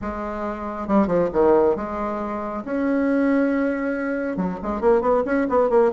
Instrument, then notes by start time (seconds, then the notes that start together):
bassoon
0.01 G#3
0.87 G3
1.07 F3
1.32 D#3
1.75 G#3
2.64 C#4
4.37 F#3
4.62 G#3
4.80 A#3
5.01 B3
5.25 C#4
5.49 B3
5.69 A#3